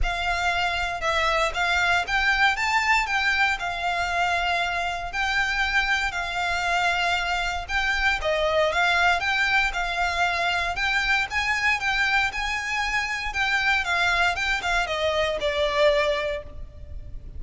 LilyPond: \new Staff \with { instrumentName = "violin" } { \time 4/4 \tempo 4 = 117 f''2 e''4 f''4 | g''4 a''4 g''4 f''4~ | f''2 g''2 | f''2. g''4 |
dis''4 f''4 g''4 f''4~ | f''4 g''4 gis''4 g''4 | gis''2 g''4 f''4 | g''8 f''8 dis''4 d''2 | }